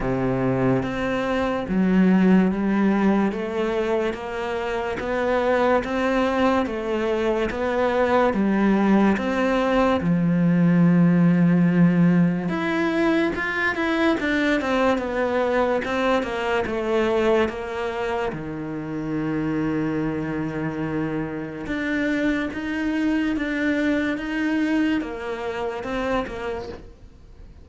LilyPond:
\new Staff \with { instrumentName = "cello" } { \time 4/4 \tempo 4 = 72 c4 c'4 fis4 g4 | a4 ais4 b4 c'4 | a4 b4 g4 c'4 | f2. e'4 |
f'8 e'8 d'8 c'8 b4 c'8 ais8 | a4 ais4 dis2~ | dis2 d'4 dis'4 | d'4 dis'4 ais4 c'8 ais8 | }